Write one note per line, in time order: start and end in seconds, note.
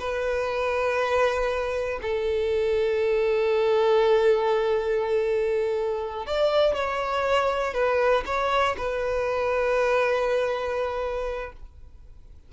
0.00 2.00 B4
2.02 6.27 A4
6.27 6.75 D5
6.75 7.74 C#5
7.74 8.24 B4
8.26 8.76 C#5
8.78 11.53 B4